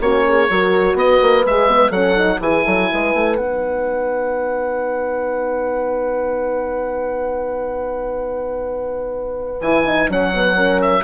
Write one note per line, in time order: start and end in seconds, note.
0.00 0.48 A#3
0.00 0.49 C#4
0.00 0.27 F#4
0.00 0.98 C#5
0.29 0.51 G#4
0.50 0.95 F#3
0.50 1.46 F#4
0.50 0.96 A#4
0.95 1.19 B3
0.95 1.90 B4
0.95 1.46 D#5
1.22 1.45 A#3
1.45 1.91 G#3
1.45 1.69 G#4
1.45 1.92 E5
1.69 1.93 B3
1.90 2.39 F#3
1.90 2.16 C#4
1.90 2.38 A4
1.90 2.40 F#5
2.16 2.40 D#4
2.40 2.64 E3
2.40 3.39 E4
2.40 2.66 G#4
2.40 3.37 G#5
2.66 2.91 F#3
2.66 2.90 A4
2.92 3.14 G#3
2.92 10.56 B4
3.14 3.38 A3
3.37 9.61 B3
3.37 9.63 D#4
3.37 9.61 F#5
9.61 10.09 E3
9.61 9.86 E4
9.61 10.10 G#5
9.86 10.10 D#4
10.09 11.04 F#3
10.09 10.34 C#4
10.09 10.82 F#5
10.34 10.56 B3
10.56 11.04 C#4
10.56 11.04 A#4
10.82 11.04 E5